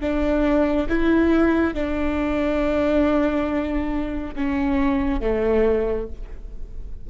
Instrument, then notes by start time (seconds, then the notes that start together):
viola
0.00 D4
0.89 E4
1.74 D4
4.35 C#4
5.20 A3